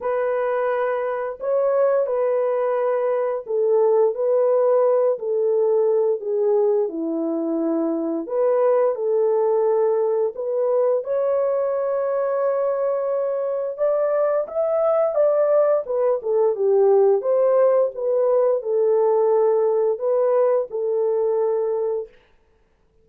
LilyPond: \new Staff \with { instrumentName = "horn" } { \time 4/4 \tempo 4 = 87 b'2 cis''4 b'4~ | b'4 a'4 b'4. a'8~ | a'4 gis'4 e'2 | b'4 a'2 b'4 |
cis''1 | d''4 e''4 d''4 b'8 a'8 | g'4 c''4 b'4 a'4~ | a'4 b'4 a'2 | }